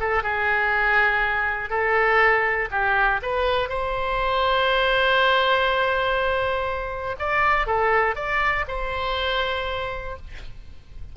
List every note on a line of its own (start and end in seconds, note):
0.00 0.23 A4
0.23 1.70 G#4
1.70 2.70 A4
2.71 3.21 G4
3.23 3.69 B4
3.69 7.17 C5
7.19 7.67 D5
7.67 8.16 A4
8.16 8.65 D5
8.68 10.17 C5